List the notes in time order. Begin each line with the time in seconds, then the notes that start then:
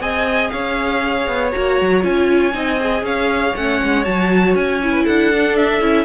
0.00 C4 G#4 D#5 G#5
0.50 C#4 C#5 F5
1.28 B3
1.51 A#3 F#4 A#5
1.80 F#3
2.02 C#4 F4 G#5
2.53 C4 D#4 D#5
2.80 G#4
3.03 C#4 C#5 F5
3.56 A3 C#4 F#5
3.82 G#3
4.04 F#3 F#4 A5
4.55 C#4 G#5
4.83 E4
4.91 B4
5.04 D4 A4 F#5
5.33 D4
5.56 E5
5.80 C#4 E4